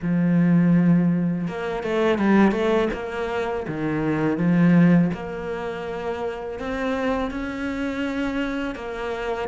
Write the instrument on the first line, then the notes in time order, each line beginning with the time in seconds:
cello
0.02 F3
1.47 A#3
1.83 A3
2.18 G3
2.51 A3
2.93 A#3
3.67 D#3
4.37 F3
5.13 A#3
6.59 C4
7.30 C#4
8.75 A#3